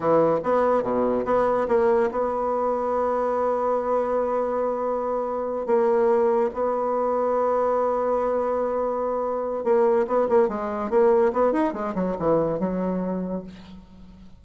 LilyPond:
\new Staff \with { instrumentName = "bassoon" } { \time 4/4 \tempo 4 = 143 e4 b4 b,4 b4 | ais4 b2.~ | b1~ | b4. ais2 b8~ |
b1~ | b2. ais4 | b8 ais8 gis4 ais4 b8 dis'8 | gis8 fis8 e4 fis2 | }